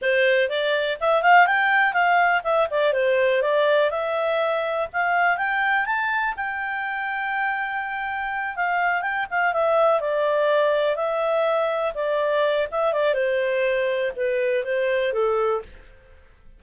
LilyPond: \new Staff \with { instrumentName = "clarinet" } { \time 4/4 \tempo 4 = 123 c''4 d''4 e''8 f''8 g''4 | f''4 e''8 d''8 c''4 d''4 | e''2 f''4 g''4 | a''4 g''2.~ |
g''4. f''4 g''8 f''8 e''8~ | e''8 d''2 e''4.~ | e''8 d''4. e''8 d''8 c''4~ | c''4 b'4 c''4 a'4 | }